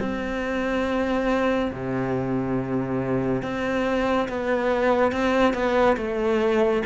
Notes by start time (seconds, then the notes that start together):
0.00 C4
1.72 C3
3.42 C4
4.29 B3
5.12 C4
5.54 B3
5.97 A3